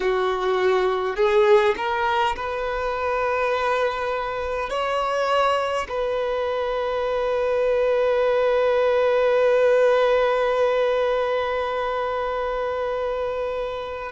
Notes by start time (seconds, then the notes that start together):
0.00 F#4
1.16 G#4
1.76 A#4
2.35 B4
4.69 C#5
5.88 B4